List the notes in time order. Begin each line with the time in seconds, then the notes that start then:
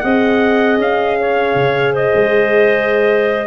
0.00 C4 G#4 D#5 F#5
0.78 C#4 F5
1.19 C#5
1.55 C#3
1.93 C5 D#5
2.15 G#3